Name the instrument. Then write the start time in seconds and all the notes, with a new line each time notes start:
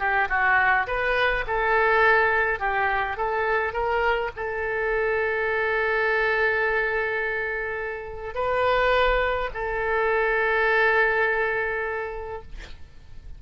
oboe
0.00 G4
0.29 F#4
0.87 B4
1.47 A4
2.60 G4
3.17 A4
3.73 A#4
4.37 A4
8.35 B4
9.54 A4